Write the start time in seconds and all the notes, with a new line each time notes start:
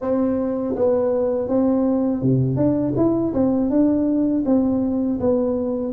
0.01 C4
0.75 B3
1.48 C4
2.22 C3
2.56 D4
2.96 E4
3.33 C4
3.70 D4
4.45 C4
5.20 B3